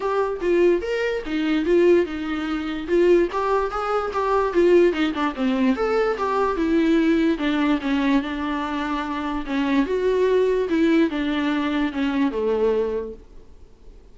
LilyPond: \new Staff \with { instrumentName = "viola" } { \time 4/4 \tempo 4 = 146 g'4 f'4 ais'4 dis'4 | f'4 dis'2 f'4 | g'4 gis'4 g'4 f'4 | dis'8 d'8 c'4 a'4 g'4 |
e'2 d'4 cis'4 | d'2. cis'4 | fis'2 e'4 d'4~ | d'4 cis'4 a2 | }